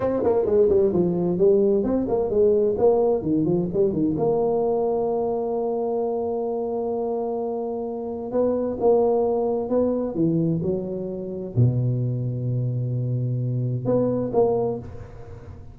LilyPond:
\new Staff \with { instrumentName = "tuba" } { \time 4/4 \tempo 4 = 130 c'8 ais8 gis8 g8 f4 g4 | c'8 ais8 gis4 ais4 dis8 f8 | g8 dis8 ais2.~ | ais1~ |
ais2 b4 ais4~ | ais4 b4 e4 fis4~ | fis4 b,2.~ | b,2 b4 ais4 | }